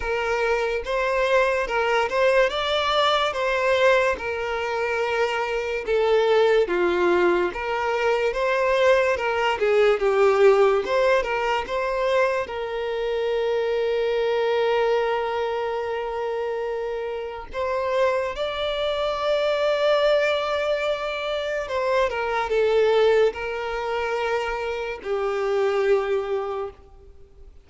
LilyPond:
\new Staff \with { instrumentName = "violin" } { \time 4/4 \tempo 4 = 72 ais'4 c''4 ais'8 c''8 d''4 | c''4 ais'2 a'4 | f'4 ais'4 c''4 ais'8 gis'8 | g'4 c''8 ais'8 c''4 ais'4~ |
ais'1~ | ais'4 c''4 d''2~ | d''2 c''8 ais'8 a'4 | ais'2 g'2 | }